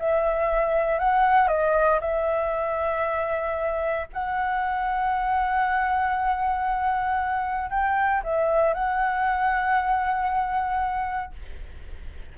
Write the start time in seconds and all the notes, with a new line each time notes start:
0.00 E5
1.00 F#5
1.48 D#5
2.01 E5
4.13 F#5
7.71 G5
8.24 E5
8.74 F#5